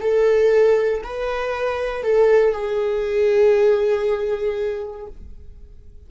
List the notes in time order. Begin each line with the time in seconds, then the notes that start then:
0.00 A4
1.04 B4
2.03 A4
2.52 G#4